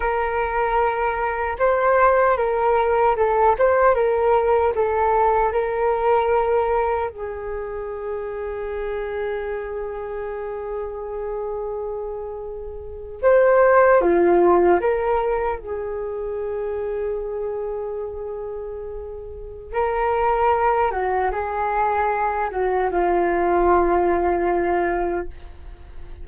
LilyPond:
\new Staff \with { instrumentName = "flute" } { \time 4/4 \tempo 4 = 76 ais'2 c''4 ais'4 | a'8 c''8 ais'4 a'4 ais'4~ | ais'4 gis'2.~ | gis'1~ |
gis'8. c''4 f'4 ais'4 gis'16~ | gis'1~ | gis'4 ais'4. fis'8 gis'4~ | gis'8 fis'8 f'2. | }